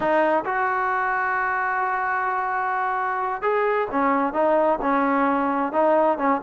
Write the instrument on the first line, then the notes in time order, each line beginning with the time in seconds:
trombone
0.00 D#4
0.45 F#4
3.42 G#4
3.91 C#4
4.33 D#4
4.81 C#4
5.72 D#4
6.17 C#4